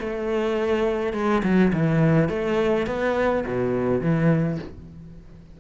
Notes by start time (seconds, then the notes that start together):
0.00 A3
1.13 G#3
1.43 F#3
1.73 E3
2.29 A3
2.87 B3
3.47 B2
4.01 E3